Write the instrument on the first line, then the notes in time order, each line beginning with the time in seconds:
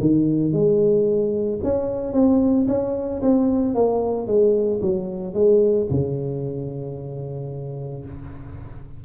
tuba
0.00 D#3
0.53 G#3
1.63 C#4
2.13 C4
2.68 C#4
3.22 C4
3.74 A#3
4.27 G#3
4.81 F#3
5.34 G#3
5.90 C#3